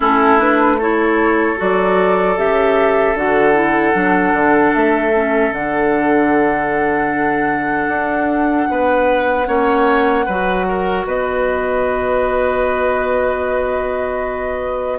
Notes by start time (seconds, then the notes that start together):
0.00 A3 C#4 E4 A4
0.38 D4 B4
0.78 E4 A4 C#5
1.56 F#3 F#4 D5
2.36 C#3 G4 E5
3.14 D3 F#4 F#5
3.53 E4
3.93 F#3 D4
4.33 D3
4.74 A3 E5
5.14 C#4
5.51 D3 D4 F#5
7.87 D4
8.69 B3 B4
9.47 A#3 C#4 C#5
10.25 F#3 F#4 B4
10.68 A#4
11.05 B3 B4 D#5